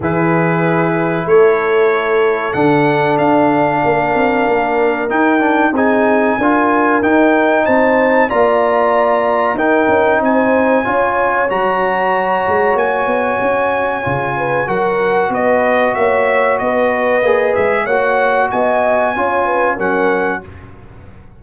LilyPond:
<<
  \new Staff \with { instrumentName = "trumpet" } { \time 4/4 \tempo 4 = 94 b'2 cis''2 | fis''4 f''2. | g''4 gis''2 g''4 | a''4 ais''2 g''4 |
gis''2 ais''2 | gis''2. fis''4 | dis''4 e''4 dis''4. e''8 | fis''4 gis''2 fis''4 | }
  \new Staff \with { instrumentName = "horn" } { \time 4/4 gis'2 a'2~ | a'2 ais'2~ | ais'4 gis'4 ais'2 | c''4 d''2 ais'4 |
c''4 cis''2.~ | cis''2~ cis''8 b'8 ais'4 | b'4 cis''4 b'2 | cis''4 dis''4 cis''8 b'8 ais'4 | }
  \new Staff \with { instrumentName = "trombone" } { \time 4/4 e'1 | d'1 | dis'8 d'8 dis'4 f'4 dis'4~ | dis'4 f'2 dis'4~ |
dis'4 f'4 fis'2~ | fis'2 f'4 fis'4~ | fis'2. gis'4 | fis'2 f'4 cis'4 | }
  \new Staff \with { instrumentName = "tuba" } { \time 4/4 e2 a2 | d4 d'4 ais8 c'8 ais4 | dis'4 c'4 d'4 dis'4 | c'4 ais2 dis'8 cis'8 |
c'4 cis'4 fis4. gis8 | ais8 b8 cis'4 cis4 fis4 | b4 ais4 b4 ais8 gis8 | ais4 b4 cis'4 fis4 | }
>>